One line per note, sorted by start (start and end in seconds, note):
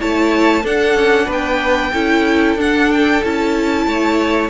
0.00 0.64 A3
0.00 0.63 E4
0.00 0.64 C#5
0.00 0.66 A5
0.63 1.92 D4
0.63 0.95 D4
0.63 1.27 A4
0.63 1.31 F#5
0.95 1.27 C#4
1.27 1.93 B3
1.27 1.91 B4
1.33 2.61 G5
1.93 2.56 C#4
1.93 2.58 E4
1.93 3.86 A4
2.56 3.21 D4
2.56 3.23 D4
2.56 2.92 F#5
2.92 3.24 G5
3.24 3.87 C#4
3.24 4.50 E4
3.24 4.50 A5
3.87 4.50 A3
3.87 4.50 C#5